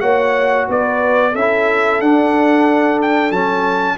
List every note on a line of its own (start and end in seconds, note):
0.00 0.68 A#3
0.00 1.32 F#4
0.00 0.67 C#5
0.00 0.66 F#5
0.68 1.34 B3
0.68 1.31 B4
0.68 1.35 D5
1.31 2.00 C#4
1.31 3.95 A4
1.31 2.01 E5
1.38 2.03 E4
2.00 3.31 D4
2.00 3.32 D4
2.00 2.99 F#5
3.02 3.31 G5
3.31 3.97 F#3
3.31 3.97 C#4
3.31 3.97 A5